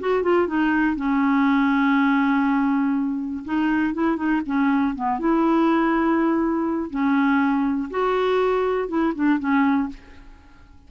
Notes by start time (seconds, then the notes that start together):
0.00 F#4
0.23 F4
0.47 D#4
0.96 C#4
3.45 D#4
3.94 E4
4.17 D#4
4.46 C#4
4.95 B3
5.20 E4
6.91 C#4
7.90 F#4
8.88 E4
9.15 D4
9.39 C#4